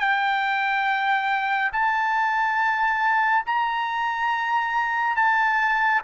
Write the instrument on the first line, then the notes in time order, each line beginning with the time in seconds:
trumpet
0.00 G5
1.73 A5
3.47 A#5
5.17 A5